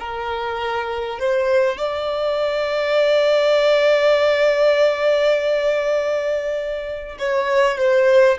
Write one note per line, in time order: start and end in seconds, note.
0.00 1.19 A#4
1.19 1.78 C5
1.78 7.18 D5
7.19 7.79 C#5
7.79 8.39 C5